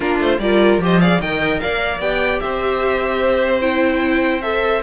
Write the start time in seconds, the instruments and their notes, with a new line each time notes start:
0.00 cello A#3, viola D4, violin F4 A#4
0.18 cello A3, violin C5
0.39 cello G3, viola F4, violin A#4 D5
0.77 cello F3, viola G4, violin C5
0.84 violin D#5
1.01 viola G#4, violin D5 F5
1.20 cello D#3, viola A#4, violin D#5 G5
1.60 cello A#3, violin D5 F5
1.99 cello B3, viola G4, violin G5
2.39 cello C4, violin C5 E5
3.61 viola E4, violin G5
4.41 viola A4, violin E5